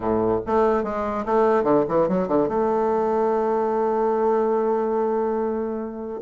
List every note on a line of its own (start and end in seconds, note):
0.00 0.39 A2
0.46 0.83 A3
0.83 1.25 G#3
1.25 1.63 A3
1.63 1.84 D3
1.88 2.08 E3
2.08 2.28 F#3
2.28 2.48 D3
2.48 6.20 A3